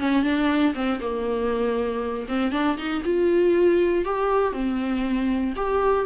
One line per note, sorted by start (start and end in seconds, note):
0.00 0.24 C#4
0.24 0.74 D4
0.75 1.00 C4
1.01 2.27 A#3
2.29 2.52 C4
2.52 2.78 D4
2.78 3.03 D#4
3.05 4.05 F4
4.05 4.53 G4
4.53 5.54 C4
5.57 6.06 G4